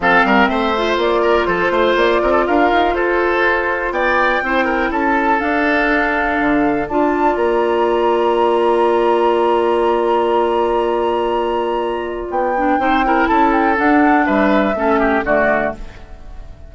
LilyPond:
<<
  \new Staff \with { instrumentName = "flute" } { \time 4/4 \tempo 4 = 122 f''4 e''4 d''4 c''4 | d''4 f''4 c''2 | g''2 a''4 f''4~ | f''2 a''4 ais''4~ |
ais''1~ | ais''1~ | ais''4 g''2 a''8 g''8 | fis''4 e''2 d''4 | }
  \new Staff \with { instrumentName = "oboe" } { \time 4/4 a'8 ais'8 c''4. ais'8 a'8 c''8~ | c''8 ais'16 a'16 ais'4 a'2 | d''4 c''8 ais'8 a'2~ | a'2 d''2~ |
d''1~ | d''1~ | d''2 c''8 ais'8 a'4~ | a'4 b'4 a'8 g'8 fis'4 | }
  \new Staff \with { instrumentName = "clarinet" } { \time 4/4 c'4. f'2~ f'8~ | f'1~ | f'4 e'2 d'4~ | d'2 f'2~ |
f'1~ | f'1~ | f'4. d'8 dis'8 e'4. | d'2 cis'4 a4 | }
  \new Staff \with { instrumentName = "bassoon" } { \time 4/4 f8 g8 a4 ais4 f8 a8 | ais8 c'8 d'8 dis'8 f'2 | b4 c'4 cis'4 d'4~ | d'4 d4 d'4 ais4~ |
ais1~ | ais1~ | ais4 b4 c'4 cis'4 | d'4 g4 a4 d4 | }
>>